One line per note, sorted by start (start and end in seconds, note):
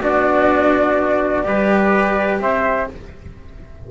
0.00 1.44 B3
0.00 1.43 D4
0.00 1.47 F#4
0.00 2.40 D5
1.43 2.40 G3
1.43 2.87 G4
1.43 2.42 B4
2.40 2.88 C4
2.40 2.90 C5
2.40 2.88 E5